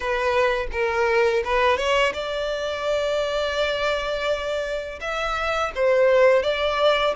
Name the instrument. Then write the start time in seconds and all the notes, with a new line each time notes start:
violin
0.00 B4
0.71 A#4
1.44 B4
1.77 C#5
2.13 D5
5.00 E5
5.75 C5
6.43 D5